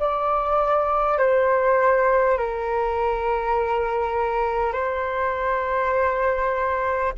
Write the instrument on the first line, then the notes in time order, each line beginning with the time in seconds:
flute
0.00 D5
1.18 C5
2.38 A#4
4.73 C5